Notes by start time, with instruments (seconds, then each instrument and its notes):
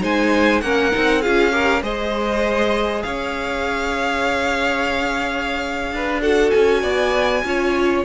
0.00 cello G#3, viola D#4, violin C5 G#5
0.61 cello A#3, viola C#4, violin A#4 F#5
0.92 cello C4, viola D#4
1.21 cello C#4, viola F4, violin G#4 F5
1.51 viola G4, violin A#4
1.82 cello G#3, viola G#4, violin C5 D#5
3.02 cello C#4, violin C#5 F5
5.91 cello D4, violin B4
6.21 viola F#4, violin A4 F#5
6.50 cello C#4, violin G#5
6.82 cello B3, violin D5
7.44 cello C#4, viola F4, violin C#5